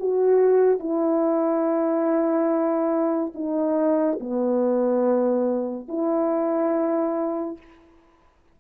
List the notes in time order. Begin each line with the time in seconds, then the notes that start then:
0.00 F#4
0.80 E4
3.35 D#4
4.21 B3
5.88 E4